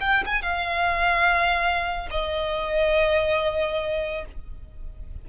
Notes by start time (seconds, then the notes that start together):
0.00 G5
0.26 G#5
0.42 F5
2.10 D#5